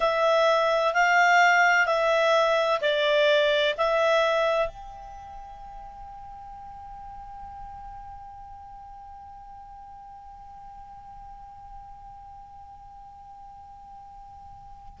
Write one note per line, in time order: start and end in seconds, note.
0.00 0.94 E5
0.94 1.86 F5
1.86 2.80 E5
2.81 3.75 D5
3.77 4.67 E5
4.67 14.99 G5